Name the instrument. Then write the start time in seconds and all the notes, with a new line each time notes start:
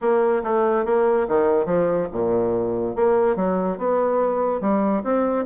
bassoon
0.01 A#3
0.43 A3
0.85 A#3
1.28 D#3
1.65 F3
2.12 A#2
2.95 A#3
3.35 F#3
3.78 B3
4.60 G3
5.03 C4